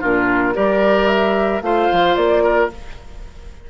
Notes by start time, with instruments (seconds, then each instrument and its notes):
0.00 bassoon A#2, clarinet D4, oboe F4, flute A#4
0.54 bassoon G3, clarinet G4, oboe A#4, flute D5
1.07 flute E5
1.61 bassoon A3, clarinet F4, oboe C5, flute F5
1.92 bassoon F3
2.15 bassoon A#3, flute D5
2.43 oboe A#4